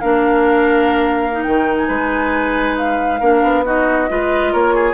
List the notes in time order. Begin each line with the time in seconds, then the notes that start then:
0.00 A#3 D4 A#4 F5
1.32 D#4
1.42 D#3 G5
1.77 G#5
1.88 G#3 B4
2.77 F5
3.20 A#3 D4 A#4
3.42 B3
3.65 D#4 F#4 D#5
4.09 G#3 F4 B4
4.52 A#3 A#4 C#5
4.74 G#4